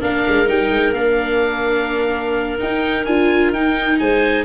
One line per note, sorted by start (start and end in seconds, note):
0.00 0.26 A#3
0.00 0.46 D4
0.00 3.98 A#4
0.00 0.49 F5
0.28 0.49 G#3
0.46 0.70 G3
0.46 0.93 D#4
0.46 0.94 G5
0.70 0.93 G#3
0.93 2.57 A#3
0.93 2.59 D4
0.93 2.58 F5
2.59 3.06 D#4
2.59 3.08 D#4
2.59 3.05 G5
3.05 3.52 D4
3.05 3.55 F4
3.05 3.52 G#5
3.52 3.99 D#4
3.52 4.45 D#4
3.52 3.99 G5
3.99 4.45 G#3
3.99 4.45 C5
3.99 4.45 G#5